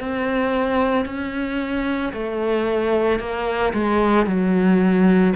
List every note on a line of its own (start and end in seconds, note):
0.00 1.06 C4
1.06 2.13 C#4
2.13 3.20 A3
3.20 3.74 A#3
3.74 4.27 G#3
4.27 5.34 F#3